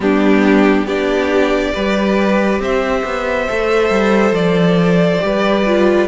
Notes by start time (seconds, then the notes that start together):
0.00 G3 B3 D4 G4
0.85 B3 D4 G4 D5
1.73 G3 G4 B4
2.59 C4 C5 E5
3.04 B3
3.49 A3 A4
3.89 G3
4.31 F3 D5
5.19 G3 G4 B4
5.66 F4